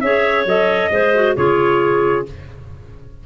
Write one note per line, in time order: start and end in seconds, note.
0.00 0.45 C#4
0.00 0.46 G#4
0.00 0.91 C#5
0.00 0.44 E5
0.45 0.90 F#3
0.45 0.91 A4
0.45 1.36 D#5
0.91 1.35 G#3
0.91 1.14 G#4
0.91 1.36 C5
1.15 1.36 F#4
1.36 2.26 C#3
1.36 2.25 F4
1.36 2.25 G#4
1.36 2.25 C#5